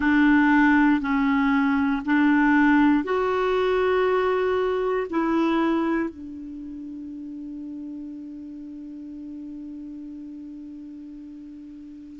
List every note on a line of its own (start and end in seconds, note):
0.00 1.00 D4
1.00 2.02 C#4
2.05 3.04 D4
3.04 5.07 F#4
5.09 6.09 E4
6.09 12.19 D4